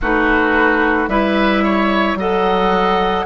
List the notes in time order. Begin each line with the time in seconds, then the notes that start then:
0.01 A3 D#4 F#4 B4
1.07 G3 E4 B4 E5
1.63 C#5
2.15 F#3 A4 D#5 F#5